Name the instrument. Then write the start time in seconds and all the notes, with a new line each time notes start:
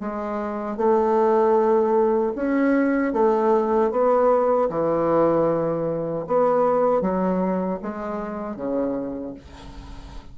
bassoon
0.00 G#3
0.77 A3
2.35 C#4
3.13 A3
3.91 B3
4.69 E3
6.27 B3
7.01 F#3
7.82 G#3
8.56 C#3